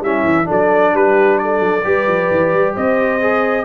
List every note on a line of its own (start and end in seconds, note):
0.00 0.23 G3
0.00 0.44 C#4
0.00 0.47 E4
0.00 0.49 E5
0.25 0.48 E3
0.44 0.93 F#3
0.44 1.81 D4
0.44 0.93 A4
0.52 0.96 D5
0.93 1.59 G3
0.93 1.41 G4
0.93 1.39 B4
1.39 1.85 A4
1.39 2.75 D5
1.59 1.82 F#3
1.84 2.08 G3
1.84 3.20 G4
1.84 2.74 B4
2.08 2.30 F3
2.31 2.53 E3
2.54 2.76 G3
2.74 3.65 C4
2.74 3.65 C5
2.74 3.65 D#5
3.21 3.65 G#4